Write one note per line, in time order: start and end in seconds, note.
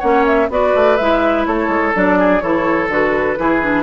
0.00 0.50 A#3
0.00 0.49 C#4
0.00 0.48 C#5
0.00 0.25 F#5
0.27 0.51 E5
0.50 0.74 B3
0.50 0.99 F#4
0.50 1.48 B4
0.50 0.97 D5
0.76 0.99 A3
0.97 1.47 G#3
0.97 1.94 E4
0.97 1.45 E5
1.46 1.69 A3
1.46 2.19 A4
1.46 1.94 C#5
1.69 1.93 G#3
1.94 2.43 F#3
1.94 2.41 D4
1.94 2.41 D5
2.19 2.43 G#4
2.41 2.89 E3
2.41 2.89 E4
2.41 3.39 A4
2.41 2.89 C#5
2.89 3.37 D3
2.89 3.37 F#4
2.89 3.84 B4
3.37 3.84 E3
3.37 3.61 E4
3.37 3.84 G#4
3.62 3.84 D4